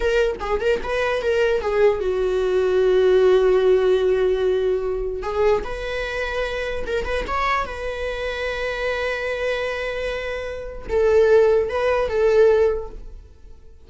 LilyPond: \new Staff \with { instrumentName = "viola" } { \time 4/4 \tempo 4 = 149 ais'4 gis'8 ais'8 b'4 ais'4 | gis'4 fis'2.~ | fis'1~ | fis'4 gis'4 b'2~ |
b'4 ais'8 b'8 cis''4 b'4~ | b'1~ | b'2. a'4~ | a'4 b'4 a'2 | }